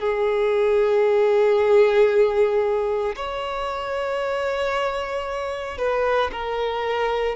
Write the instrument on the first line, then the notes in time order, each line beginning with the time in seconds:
violin
0.00 G#4
3.16 C#5
5.78 B4
6.32 A#4